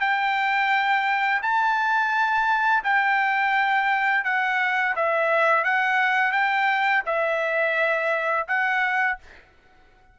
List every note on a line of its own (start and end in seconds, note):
0.00 1.41 G5
1.42 2.83 A5
2.83 4.24 G5
4.24 4.95 F#5
4.95 5.64 E5
5.64 6.32 F#5
6.32 7.02 G5
7.06 8.47 E5
8.47 9.18 F#5